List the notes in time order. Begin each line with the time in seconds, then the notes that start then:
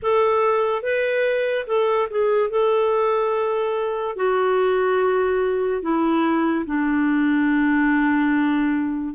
0.02 A4
0.82 B4
1.67 A4
2.10 G#4
2.50 A4
4.16 F#4
5.81 E4
6.66 D4